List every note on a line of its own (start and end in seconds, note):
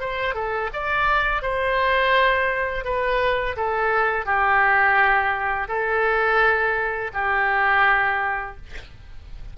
0.00 0.34 C5
0.34 0.70 A4
0.73 1.42 D5
1.42 2.84 C5
2.84 3.56 B4
3.56 4.25 A4
4.25 5.68 G4
5.68 7.11 A4
7.13 8.56 G4